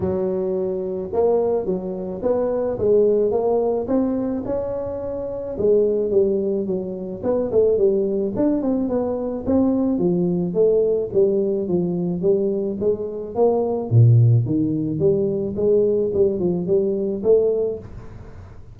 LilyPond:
\new Staff \with { instrumentName = "tuba" } { \time 4/4 \tempo 4 = 108 fis2 ais4 fis4 | b4 gis4 ais4 c'4 | cis'2 gis4 g4 | fis4 b8 a8 g4 d'8 c'8 |
b4 c'4 f4 a4 | g4 f4 g4 gis4 | ais4 ais,4 dis4 g4 | gis4 g8 f8 g4 a4 | }